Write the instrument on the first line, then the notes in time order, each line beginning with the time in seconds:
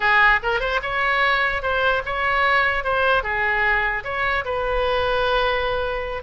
oboe
0.00 G#4
0.42 A#4
0.60 C5
0.82 C#5
1.62 C5
2.05 C#5
2.84 C5
3.23 G#4
4.04 C#5
4.44 B4